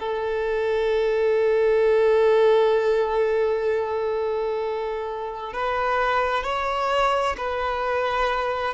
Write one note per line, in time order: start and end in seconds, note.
0.00 5.53 A4
5.53 6.44 B4
6.44 7.36 C#5
7.37 8.74 B4